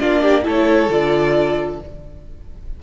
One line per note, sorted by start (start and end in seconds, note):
0.00 0.47 A#3
0.00 0.43 D4
0.00 0.22 F4
0.00 0.45 D5
0.22 0.44 G4
0.43 0.89 A3
0.43 0.88 E4
0.43 1.81 A4
0.50 0.92 C#5
0.89 1.80 D3
0.89 1.81 F4
0.89 1.83 D5